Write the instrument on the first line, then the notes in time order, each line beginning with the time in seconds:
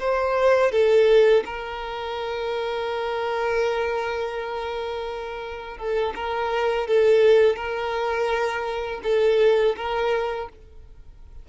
violin
0.00 C5
0.72 A4
1.46 A#4
5.78 A4
6.16 A#4
6.88 A4
7.57 A#4
9.04 A4
9.77 A#4